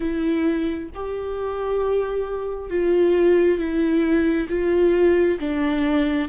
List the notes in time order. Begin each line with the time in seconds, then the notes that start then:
0.00 E4
0.94 G4
2.69 F4
3.58 E4
4.49 F4
5.39 D4